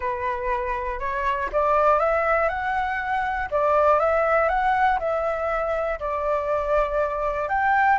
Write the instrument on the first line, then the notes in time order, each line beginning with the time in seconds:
flute
0.00 B4
0.99 C#5
1.52 D5
1.99 E5
2.49 F#5
3.50 D5
3.99 E5
4.48 F#5
4.99 E5
5.99 D5
7.48 G5